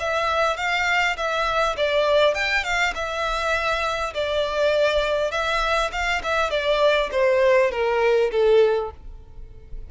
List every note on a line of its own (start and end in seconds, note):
0.00 0.57 E5
0.57 1.17 F5
1.17 1.76 E5
1.77 2.35 D5
2.35 2.64 G5
2.64 2.94 F5
2.95 4.14 E5
4.14 5.32 D5
5.32 5.91 E5
5.92 6.22 F5
6.23 6.51 E5
6.51 7.10 D5
7.12 7.71 C5
7.72 8.31 A#4
8.32 8.91 A4